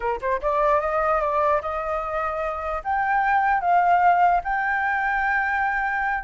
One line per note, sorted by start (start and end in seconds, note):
0.00 0.20 A#4
0.21 0.41 C5
0.41 0.80 D5
0.80 1.20 D#5
1.20 1.61 D5
1.61 2.82 D#5
2.84 3.60 G5
3.60 4.41 F5
4.43 6.23 G5